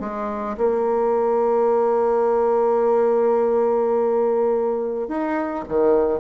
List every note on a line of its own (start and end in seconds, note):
0.00 0.57 G#3
0.58 5.08 A#3
5.08 5.64 D#4
5.69 6.20 D#3